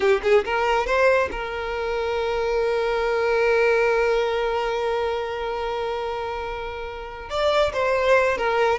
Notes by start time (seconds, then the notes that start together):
0.00 G4
0.23 G#4
0.44 A#4
0.86 C5
1.31 A#4
7.29 D5
7.73 C5
8.37 A#4